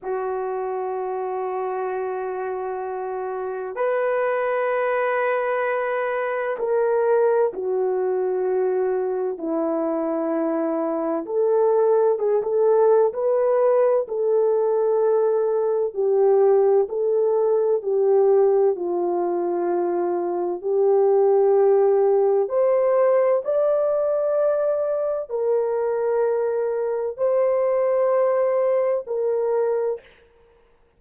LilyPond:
\new Staff \with { instrumentName = "horn" } { \time 4/4 \tempo 4 = 64 fis'1 | b'2. ais'4 | fis'2 e'2 | a'4 gis'16 a'8. b'4 a'4~ |
a'4 g'4 a'4 g'4 | f'2 g'2 | c''4 d''2 ais'4~ | ais'4 c''2 ais'4 | }